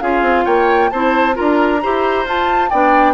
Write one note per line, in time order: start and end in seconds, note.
0.00 0.22 C#4
0.00 0.91 F4
0.00 0.45 G#4
0.00 0.45 F5
0.22 0.44 C4
0.45 0.91 A#3
0.45 0.90 C#5
0.45 0.90 G5
0.90 1.37 C4
0.90 1.33 E4
0.90 1.35 C5
0.90 1.36 A5
1.33 1.78 F4
1.33 1.80 A#4
1.33 2.27 A#5
1.40 1.85 D4
1.82 2.25 E4
1.82 2.26 G4
1.82 2.70 C5
2.25 2.70 F4
2.25 2.71 F4
2.25 2.70 A5
2.70 3.14 B3
2.70 3.14 D4
2.70 3.14 D5
2.70 3.14 G5